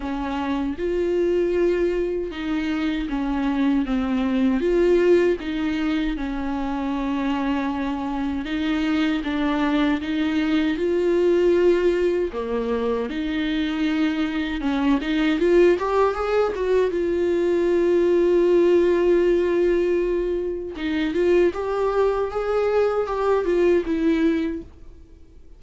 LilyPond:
\new Staff \with { instrumentName = "viola" } { \time 4/4 \tempo 4 = 78 cis'4 f'2 dis'4 | cis'4 c'4 f'4 dis'4 | cis'2. dis'4 | d'4 dis'4 f'2 |
ais4 dis'2 cis'8 dis'8 | f'8 g'8 gis'8 fis'8 f'2~ | f'2. dis'8 f'8 | g'4 gis'4 g'8 f'8 e'4 | }